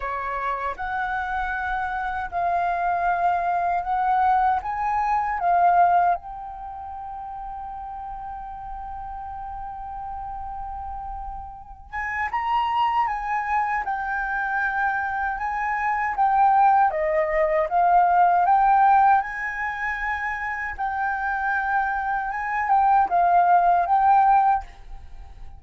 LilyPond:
\new Staff \with { instrumentName = "flute" } { \time 4/4 \tempo 4 = 78 cis''4 fis''2 f''4~ | f''4 fis''4 gis''4 f''4 | g''1~ | g''2.~ g''8 gis''8 |
ais''4 gis''4 g''2 | gis''4 g''4 dis''4 f''4 | g''4 gis''2 g''4~ | g''4 gis''8 g''8 f''4 g''4 | }